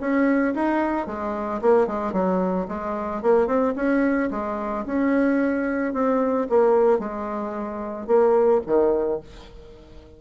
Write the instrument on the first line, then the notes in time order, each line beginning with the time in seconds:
bassoon
0.00 C#4
0.55 D#4
1.07 G#3
1.61 A#3
1.87 G#3
2.13 F#3
2.68 G#3
3.22 A#3
3.47 C4
3.76 C#4
4.30 G#3
4.86 C#4
5.93 C4
6.49 A#3
6.99 G#3
8.07 A#3
8.66 D#3